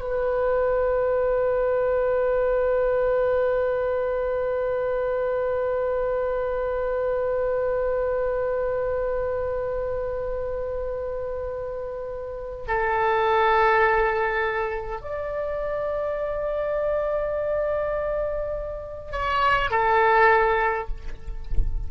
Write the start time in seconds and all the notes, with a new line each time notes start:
0.00 B4
12.67 A4
15.01 D5
19.11 C#5
19.70 A4